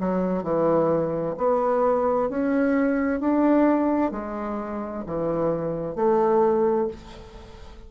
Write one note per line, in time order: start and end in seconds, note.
0.00 0.44 F#3
0.44 1.36 E3
1.38 2.30 B3
2.30 3.21 C#4
3.21 4.12 D4
4.12 5.04 G#3
5.07 5.96 E3
5.96 6.88 A3